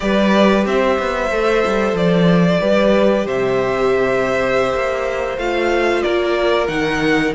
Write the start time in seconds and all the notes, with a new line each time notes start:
0.00 G3 G4 B4 D5
0.65 C4 C5 E5
0.98 B3
1.31 A3 A4
1.66 G3
1.93 F3 D5
2.60 G3 G4 B4
3.26 C3 C5 E5
4.73 A#3
5.37 A3 F4 F5
6.02 A#3 A#4 D5
6.67 D#3 D#4 F#5